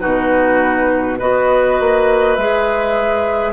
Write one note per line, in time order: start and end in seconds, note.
0.00 1.21 B2
0.00 1.18 D#4
0.00 1.19 F#4
0.00 1.18 B4
1.19 1.80 B3
1.19 2.38 F#4
1.19 3.53 B4
1.19 2.36 D#5
1.80 2.38 A#3
2.36 3.53 G#3
2.36 3.53 G#4
2.36 3.53 E5